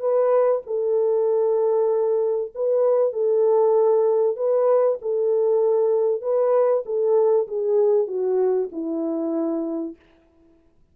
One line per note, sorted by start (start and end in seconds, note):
0.00 0.62 B4
0.67 2.52 A4
2.55 3.13 B4
3.13 4.37 A4
4.37 4.98 B4
5.02 6.22 A4
6.22 6.84 B4
6.85 7.47 A4
7.48 8.07 G#4
8.07 8.69 F#4
8.72 9.96 E4